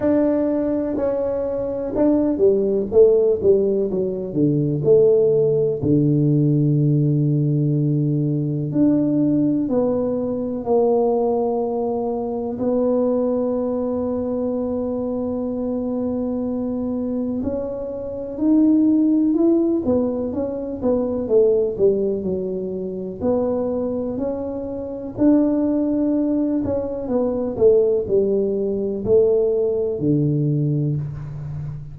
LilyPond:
\new Staff \with { instrumentName = "tuba" } { \time 4/4 \tempo 4 = 62 d'4 cis'4 d'8 g8 a8 g8 | fis8 d8 a4 d2~ | d4 d'4 b4 ais4~ | ais4 b2.~ |
b2 cis'4 dis'4 | e'8 b8 cis'8 b8 a8 g8 fis4 | b4 cis'4 d'4. cis'8 | b8 a8 g4 a4 d4 | }